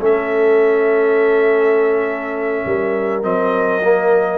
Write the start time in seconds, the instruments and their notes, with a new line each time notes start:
0.00 tuba A3, trombone C#4, horn A4, trumpet E5
2.66 tuba G3, horn A#4
3.23 tuba F#3, trombone C4, trumpet D#5
3.83 trombone A#3